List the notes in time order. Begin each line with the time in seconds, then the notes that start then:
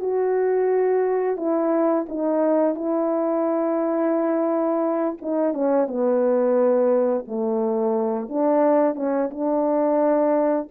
0.00 F#4
1.37 E4
2.09 D#4
2.76 E4
5.22 D#4
5.54 C#4
5.88 B3
7.28 A3
8.29 D4
8.96 C#4
9.31 D4